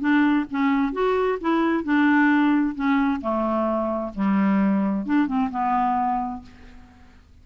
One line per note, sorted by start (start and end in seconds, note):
0.00 0.46 D4
0.51 0.93 C#4
0.93 1.39 F#4
1.41 1.84 E4
1.84 2.75 D4
2.75 3.21 C#4
3.21 4.13 A3
4.15 5.06 G3
5.06 5.27 D4
5.27 5.50 C4
5.51 6.42 B3